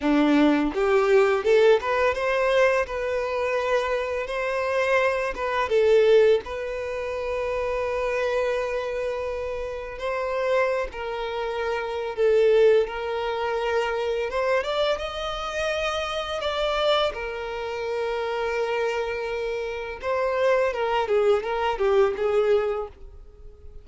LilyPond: \new Staff \with { instrumentName = "violin" } { \time 4/4 \tempo 4 = 84 d'4 g'4 a'8 b'8 c''4 | b'2 c''4. b'8 | a'4 b'2.~ | b'2 c''4~ c''16 ais'8.~ |
ais'4 a'4 ais'2 | c''8 d''8 dis''2 d''4 | ais'1 | c''4 ais'8 gis'8 ais'8 g'8 gis'4 | }